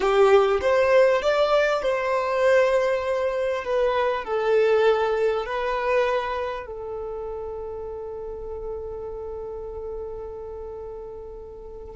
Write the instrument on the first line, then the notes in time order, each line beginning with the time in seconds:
violin
0.00 G4
0.61 C5
1.21 D5
1.82 C5
3.64 B4
4.24 A4
5.45 B4
6.66 A4